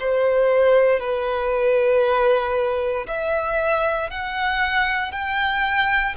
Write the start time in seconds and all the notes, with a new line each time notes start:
0.00 C5
1.00 B4
3.07 E5
4.10 F#5
5.12 G5